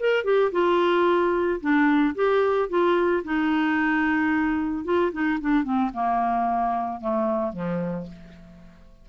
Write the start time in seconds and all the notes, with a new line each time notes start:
0.00 A#4
0.25 G4
0.52 F4
1.61 D4
2.15 G4
2.69 F4
3.25 D#4
4.85 F4
5.12 D#4
5.41 D4
5.64 C4
5.94 A#3
7.01 A3
7.53 F3